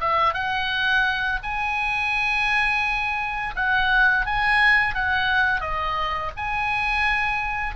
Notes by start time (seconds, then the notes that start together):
0.00 E5
0.34 F#5
1.43 G#5
3.56 F#5
4.26 G#5
4.94 F#5
5.61 D#5
6.37 G#5